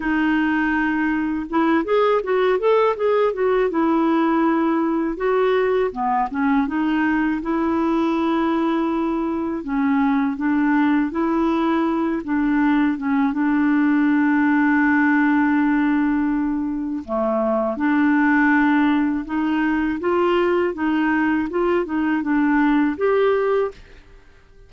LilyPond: \new Staff \with { instrumentName = "clarinet" } { \time 4/4 \tempo 4 = 81 dis'2 e'8 gis'8 fis'8 a'8 | gis'8 fis'8 e'2 fis'4 | b8 cis'8 dis'4 e'2~ | e'4 cis'4 d'4 e'4~ |
e'8 d'4 cis'8 d'2~ | d'2. a4 | d'2 dis'4 f'4 | dis'4 f'8 dis'8 d'4 g'4 | }